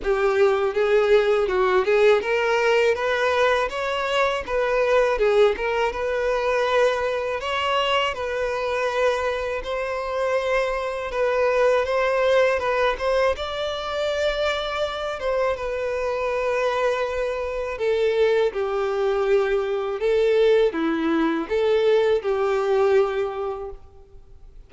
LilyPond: \new Staff \with { instrumentName = "violin" } { \time 4/4 \tempo 4 = 81 g'4 gis'4 fis'8 gis'8 ais'4 | b'4 cis''4 b'4 gis'8 ais'8 | b'2 cis''4 b'4~ | b'4 c''2 b'4 |
c''4 b'8 c''8 d''2~ | d''8 c''8 b'2. | a'4 g'2 a'4 | e'4 a'4 g'2 | }